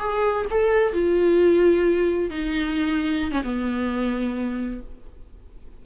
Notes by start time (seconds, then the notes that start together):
0.00 G#4
0.51 A4
0.93 F4
2.31 D#4
3.32 C#4
3.44 B3